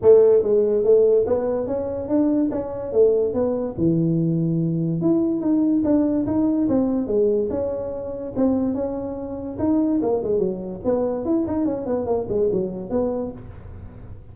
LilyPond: \new Staff \with { instrumentName = "tuba" } { \time 4/4 \tempo 4 = 144 a4 gis4 a4 b4 | cis'4 d'4 cis'4 a4 | b4 e2. | e'4 dis'4 d'4 dis'4 |
c'4 gis4 cis'2 | c'4 cis'2 dis'4 | ais8 gis8 fis4 b4 e'8 dis'8 | cis'8 b8 ais8 gis8 fis4 b4 | }